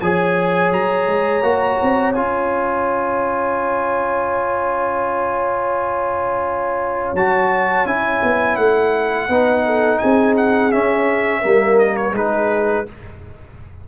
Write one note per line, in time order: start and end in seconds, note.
0.00 0.72 F3
0.00 1.43 G#4
0.00 9.29 C#5
0.00 0.71 G#5
0.72 1.07 F#3
0.72 2.12 A#5
1.07 1.42 G#3
1.42 1.78 A#3
1.42 2.14 F#4
1.82 2.17 C4
2.12 7.14 C#4
2.12 7.16 F4
2.12 7.12 G#5
7.14 7.85 F#3
7.14 7.86 F#4
7.14 7.87 A5
7.85 8.21 C#4
7.85 9.29 E4
7.85 8.56 G#5
8.23 8.57 B3
8.56 9.29 A3
8.56 9.98 F#5
9.29 10.00 B3
9.29 10.72 D#4
9.29 9.65 B4
9.66 10.00 A4
9.98 10.74 C4
9.98 11.41 G#4
9.98 10.34 G#5
10.37 10.71 F#5
10.71 11.43 C#4
10.71 11.44 C#4
10.71 11.79 E5
11.41 12.12 G3
11.41 12.14 A#3
11.41 12.12 A#4
11.79 11.96 D#5
11.96 12.14 C#5
12.12 12.84 G#3
12.12 12.86 D#4
12.12 12.88 G#4
12.12 12.88 B4